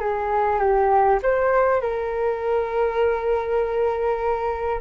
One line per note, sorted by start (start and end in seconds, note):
0.00 0.59 G#4
0.59 1.19 G4
1.22 1.81 C5
1.81 4.81 A#4